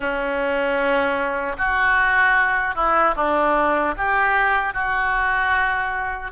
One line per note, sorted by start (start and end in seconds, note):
0.00 1.56 C#4
1.57 2.75 F#4
2.75 3.14 E4
3.16 3.95 D4
3.97 4.73 G4
4.73 6.31 F#4